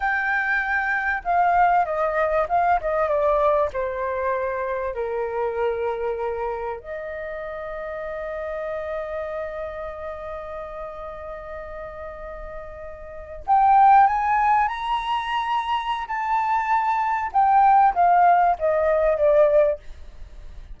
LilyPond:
\new Staff \with { instrumentName = "flute" } { \time 4/4 \tempo 4 = 97 g''2 f''4 dis''4 | f''8 dis''8 d''4 c''2 | ais'2. dis''4~ | dis''1~ |
dis''1~ | dis''4.~ dis''16 g''4 gis''4 ais''16~ | ais''2 a''2 | g''4 f''4 dis''4 d''4 | }